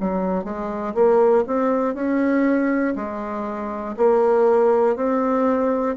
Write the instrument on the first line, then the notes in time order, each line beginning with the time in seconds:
bassoon
0.00 F#3
0.44 G#3
0.95 A#3
1.47 C4
1.94 C#4
2.96 G#3
3.97 A#3
4.96 C4